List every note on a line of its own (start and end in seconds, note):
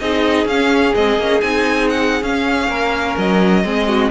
0.00 0.45 C4
0.00 0.48 D#4
0.00 2.69 G#4
0.00 0.47 D#5
0.45 0.92 C#4
0.45 0.95 C#4
0.45 0.94 F5
0.95 1.17 G#3
0.95 1.20 C4
0.95 1.41 D#5
1.17 1.41 A#3
1.17 1.41 C#4
1.41 2.22 C4
1.41 2.23 D#4
1.41 1.88 G#5
1.89 2.23 F#5
2.22 2.68 C#4
2.22 3.64 C#4
2.22 3.17 F5
2.68 3.15 A#3
2.68 3.63 A#4
3.18 3.64 F#3
3.18 4.11 D#5
3.64 4.11 G#3
3.64 4.11 C4
3.64 3.88 G#4
3.88 4.11 F#4